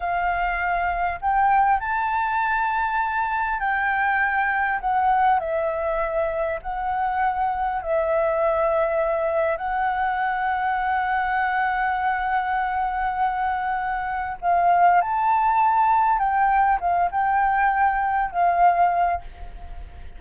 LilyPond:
\new Staff \with { instrumentName = "flute" } { \time 4/4 \tempo 4 = 100 f''2 g''4 a''4~ | a''2 g''2 | fis''4 e''2 fis''4~ | fis''4 e''2. |
fis''1~ | fis''1 | f''4 a''2 g''4 | f''8 g''2 f''4. | }